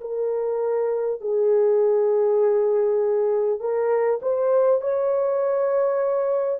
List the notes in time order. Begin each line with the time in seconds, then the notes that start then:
0.00 A#4
1.21 G#4
3.59 A#4
4.22 C5
4.81 C#5